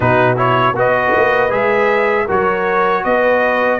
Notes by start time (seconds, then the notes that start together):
0.00 B2 D#4 F#4 B4
0.36 E4 C#5
0.73 B3 F#4 B4 D#5
1.15 A#3
1.49 G#3 G#4 E5
2.26 F#3 F#4 A#4 C#5
3.04 B3 B4 D#5